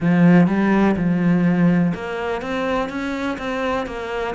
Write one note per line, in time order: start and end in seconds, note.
0.00 0.47 F3
0.47 0.95 G3
0.96 1.93 F3
1.94 2.41 A#3
2.41 2.89 C4
2.89 3.37 C#4
3.38 3.86 C4
3.86 4.35 A#3